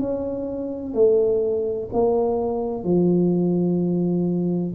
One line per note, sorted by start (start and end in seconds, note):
0.00 0.94 C#4
0.94 1.90 A3
1.93 2.84 A#3
2.84 4.75 F3